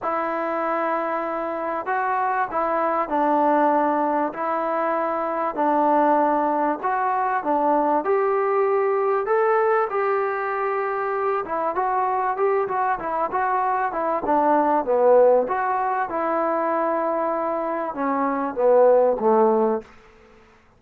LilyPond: \new Staff \with { instrumentName = "trombone" } { \time 4/4 \tempo 4 = 97 e'2. fis'4 | e'4 d'2 e'4~ | e'4 d'2 fis'4 | d'4 g'2 a'4 |
g'2~ g'8 e'8 fis'4 | g'8 fis'8 e'8 fis'4 e'8 d'4 | b4 fis'4 e'2~ | e'4 cis'4 b4 a4 | }